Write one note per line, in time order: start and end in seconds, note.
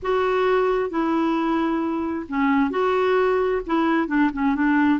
0.02 0.89 F#4
0.89 2.26 E4
2.28 2.70 C#4
2.70 3.61 F#4
3.66 4.07 E4
4.07 4.30 D4
4.33 4.55 C#4
4.55 4.99 D4